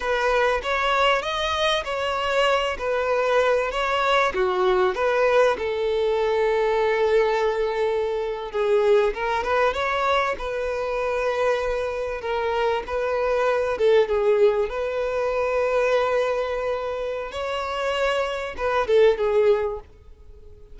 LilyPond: \new Staff \with { instrumentName = "violin" } { \time 4/4 \tempo 4 = 97 b'4 cis''4 dis''4 cis''4~ | cis''8 b'4. cis''4 fis'4 | b'4 a'2.~ | a'4.~ a'16 gis'4 ais'8 b'8 cis''16~ |
cis''8. b'2. ais'16~ | ais'8. b'4. a'8 gis'4 b'16~ | b'1 | cis''2 b'8 a'8 gis'4 | }